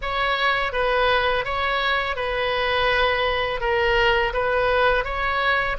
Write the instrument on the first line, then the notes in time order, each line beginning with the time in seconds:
oboe
0.01 C#5
0.72 B4
1.45 C#5
2.16 B4
3.60 A#4
4.33 B4
5.04 C#5